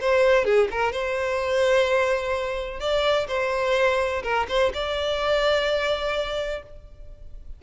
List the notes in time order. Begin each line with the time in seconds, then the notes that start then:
0.00 C5
0.44 G#4
0.71 A#4
0.92 C5
2.79 D5
3.27 C5
4.23 A#4
4.48 C5
4.73 D5